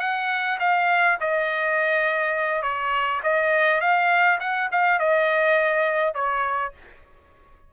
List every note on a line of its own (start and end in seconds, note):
0.00 0.58 F#5
0.60 1.18 F5
1.20 2.62 D#5
2.62 3.21 C#5
3.23 3.81 D#5
3.81 4.39 F5
4.40 4.69 F#5
4.72 4.99 F5
4.99 6.14 D#5
6.14 6.73 C#5